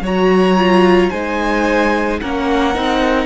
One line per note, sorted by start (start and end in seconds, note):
0.00 1.09 F#3
0.00 0.57 F#4
0.00 1.10 C#5
0.00 1.10 A#5
0.57 1.11 F4
1.10 2.21 G#3
1.10 2.22 D#4
1.10 2.19 C5
1.10 2.19 G#5
2.21 2.75 A#3
2.21 2.74 C#4
2.21 3.25 A#4
2.21 3.25 F#5
2.74 3.25 C4
2.74 3.25 D#4